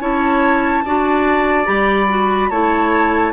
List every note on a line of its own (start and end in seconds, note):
0.00 0.83 C#4
0.00 0.83 E4
0.00 0.84 C#5
0.00 1.66 A5
0.85 1.67 D4
0.85 1.64 F#4
0.85 2.50 D5
1.64 2.50 G3
1.64 2.06 G4
1.64 2.49 B5
2.09 2.51 F#4
2.49 3.32 A3
2.49 3.32 E4
2.49 3.32 C#5
2.49 3.32 A5